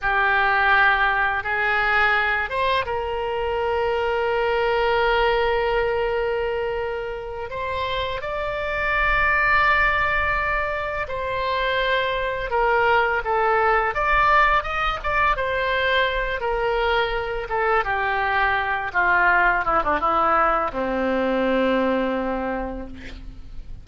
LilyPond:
\new Staff \with { instrumentName = "oboe" } { \time 4/4 \tempo 4 = 84 g'2 gis'4. c''8 | ais'1~ | ais'2~ ais'8 c''4 d''8~ | d''2.~ d''8 c''8~ |
c''4. ais'4 a'4 d''8~ | d''8 dis''8 d''8 c''4. ais'4~ | ais'8 a'8 g'4. f'4 e'16 d'16 | e'4 c'2. | }